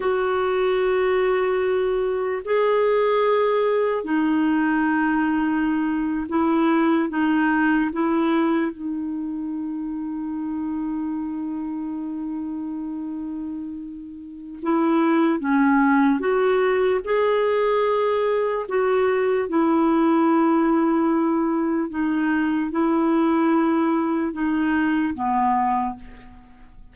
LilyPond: \new Staff \with { instrumentName = "clarinet" } { \time 4/4 \tempo 4 = 74 fis'2. gis'4~ | gis'4 dis'2~ dis'8. e'16~ | e'8. dis'4 e'4 dis'4~ dis'16~ | dis'1~ |
dis'2 e'4 cis'4 | fis'4 gis'2 fis'4 | e'2. dis'4 | e'2 dis'4 b4 | }